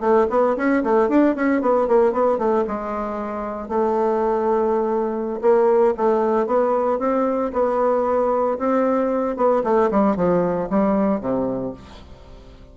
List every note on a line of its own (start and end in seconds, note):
0.00 0.26 A3
0.30 0.56 B3
0.56 0.83 C#4
0.83 1.09 A3
1.09 1.35 D4
1.35 1.61 C#4
1.61 1.88 B3
1.88 2.12 A#3
2.12 2.38 B3
2.38 2.64 A3
2.67 3.69 G#3
3.69 5.40 A3
5.41 5.94 A#3
5.97 6.46 A3
6.46 6.99 B3
6.99 7.51 C4
7.53 8.58 B3
8.58 9.36 C4
9.36 9.63 B3
9.64 9.90 A3
9.91 10.16 G3
10.16 10.69 F3
10.70 11.20 G3
11.20 11.73 C3